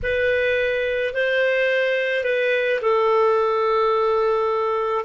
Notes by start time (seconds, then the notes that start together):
0.02 B4
1.14 C5
2.24 B4
2.81 A4